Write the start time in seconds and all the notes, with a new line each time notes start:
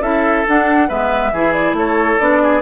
0.00 C#4 E4 A4 E5
0.47 D4 F#5
0.88 G#3 B3 B4 E5
1.32 E3 E4 G#4
1.53 D5
1.73 A3 A4 C#5
2.18 B3 D4 D5
2.42 G#4